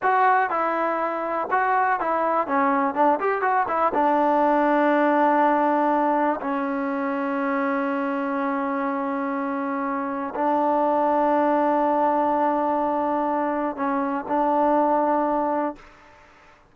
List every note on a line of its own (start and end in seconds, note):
0.02 0.50 F#4
0.50 1.48 E4
1.50 1.99 F#4
2.00 2.47 E4
2.47 2.94 C#4
2.94 3.19 D4
3.20 3.41 G4
3.41 3.66 F#4
3.68 3.92 E4
3.94 6.40 D4
6.40 10.34 C#4
10.34 13.75 D4
13.75 14.25 C#4
14.28 15.75 D4